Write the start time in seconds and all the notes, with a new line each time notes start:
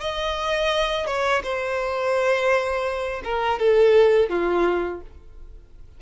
0.00 D#5
1.06 C#5
1.44 C5
3.24 A#4
3.59 A4
4.29 F4